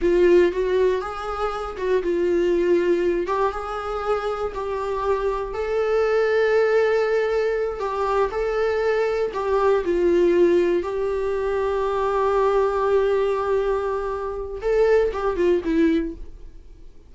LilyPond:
\new Staff \with { instrumentName = "viola" } { \time 4/4 \tempo 4 = 119 f'4 fis'4 gis'4. fis'8 | f'2~ f'8 g'8 gis'4~ | gis'4 g'2 a'4~ | a'2.~ a'8 g'8~ |
g'8 a'2 g'4 f'8~ | f'4. g'2~ g'8~ | g'1~ | g'4 a'4 g'8 f'8 e'4 | }